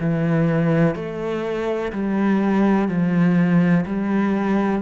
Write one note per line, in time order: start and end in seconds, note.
0.00 0.95 E3
0.95 1.92 A3
1.92 2.88 G3
2.88 3.85 F3
3.86 4.82 G3